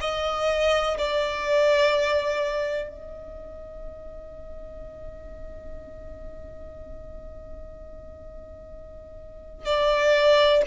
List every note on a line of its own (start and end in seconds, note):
0.00 0.97 D#5
0.97 2.88 D5
2.88 9.65 D#5
9.65 10.62 D5